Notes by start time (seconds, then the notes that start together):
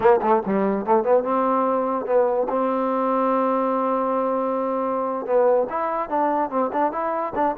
0.00 A#3
0.22 A3
0.46 G3
0.85 A3
1.03 B3
1.23 C4
2.06 B3
2.49 C4
5.26 B3
5.69 E4
6.09 D4
6.49 C4
6.72 D4
6.92 E4
7.35 D4